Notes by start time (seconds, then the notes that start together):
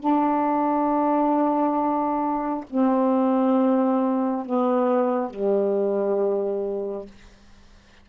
0.00 D4
2.70 C4
4.46 B3
5.31 G3